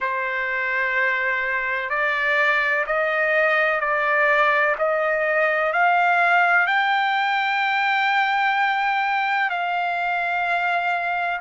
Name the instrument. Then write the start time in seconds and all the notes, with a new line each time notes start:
trumpet
0.00 C5
1.89 D5
2.86 D#5
3.80 D5
4.78 D#5
5.72 F5
6.66 G5
9.50 F5